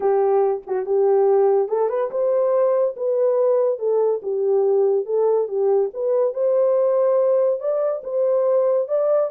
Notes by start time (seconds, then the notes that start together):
0.00 G4
0.66 F#4
0.85 G4
1.68 A4
1.89 B4
2.10 C5
2.96 B4
3.78 A4
4.22 G4
5.05 A4
5.48 G4
5.93 B4
6.33 C5
7.59 D5
8.03 C5
8.88 D5